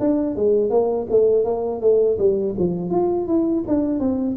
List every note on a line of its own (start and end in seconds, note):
0.00 0.36 D4
0.36 0.70 G#3
0.70 1.07 A#3
1.10 1.45 A3
1.45 1.81 A#3
1.81 2.18 A3
2.19 2.55 G3
2.58 2.91 F3
2.91 3.27 F4
3.28 3.64 E4
3.68 4.00 D4
4.00 4.36 C4